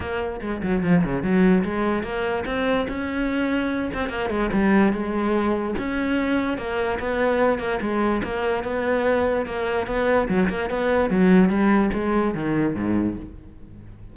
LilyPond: \new Staff \with { instrumentName = "cello" } { \time 4/4 \tempo 4 = 146 ais4 gis8 fis8 f8 cis8 fis4 | gis4 ais4 c'4 cis'4~ | cis'4. c'8 ais8 gis8 g4 | gis2 cis'2 |
ais4 b4. ais8 gis4 | ais4 b2 ais4 | b4 fis8 ais8 b4 fis4 | g4 gis4 dis4 gis,4 | }